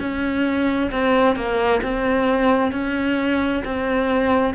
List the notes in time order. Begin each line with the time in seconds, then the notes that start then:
0.00 C#4
0.91 C4
1.36 A#3
1.83 C4
2.72 C#4
3.64 C4